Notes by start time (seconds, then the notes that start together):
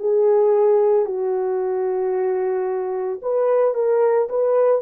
0.00 G#4
1.06 F#4
3.22 B4
3.75 A#4
4.30 B4